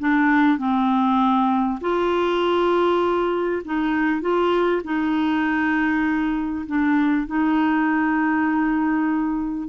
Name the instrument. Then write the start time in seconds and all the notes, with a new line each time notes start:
clarinet
0.00 D4
0.58 C4
1.81 F4
3.65 D#4
4.22 F4
4.84 D#4
6.67 D4
7.27 D#4